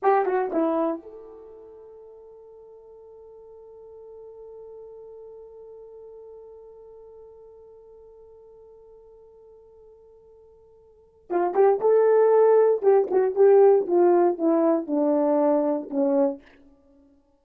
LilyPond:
\new Staff \with { instrumentName = "horn" } { \time 4/4 \tempo 4 = 117 g'8 fis'8 e'4 a'2~ | a'1~ | a'1~ | a'1~ |
a'1~ | a'2 f'8 g'8 a'4~ | a'4 g'8 fis'8 g'4 f'4 | e'4 d'2 cis'4 | }